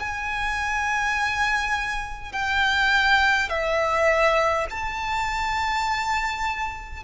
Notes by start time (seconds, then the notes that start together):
0.00 G#5
2.33 G5
3.49 E5
4.70 A5